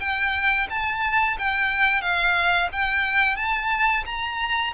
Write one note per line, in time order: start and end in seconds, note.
0.00 0.67 G5
0.70 1.37 A5
1.39 2.02 G5
2.02 2.69 F5
2.73 3.37 G5
3.37 4.04 A5
4.06 4.73 A#5